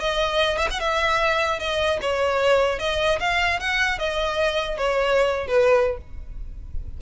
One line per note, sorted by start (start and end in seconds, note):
0.00 0.58 D#5
0.58 0.68 E5
0.71 0.80 F#5
0.80 1.59 E5
1.59 1.99 D#5
2.01 2.79 C#5
2.79 3.19 D#5
3.20 3.60 F5
3.60 3.99 F#5
3.99 4.78 D#5
4.78 5.47 C#5
5.47 5.97 B4